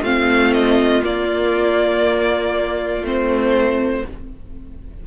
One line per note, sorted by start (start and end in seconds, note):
0.00 1.02 A3
0.00 1.03 C4
0.00 4.00 F4
0.00 0.53 F5
0.53 1.03 D#5
1.03 3.03 A#3
1.03 3.02 A#3
1.03 3.05 D5
3.02 4.02 A3
3.02 4.05 C4
3.02 4.07 C5